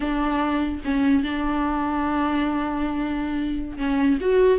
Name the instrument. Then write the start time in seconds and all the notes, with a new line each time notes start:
viola
0.00 D4
0.84 C#4
1.23 D4
3.77 C#4
4.20 F#4